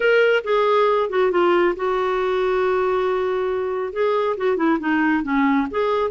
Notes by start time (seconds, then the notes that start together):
0.00 A#4
0.44 G#4
1.09 F#4
1.31 F4
1.76 F#4
3.92 G#4
4.37 F#4
4.56 E4
4.79 D#4
5.23 C#4
5.70 G#4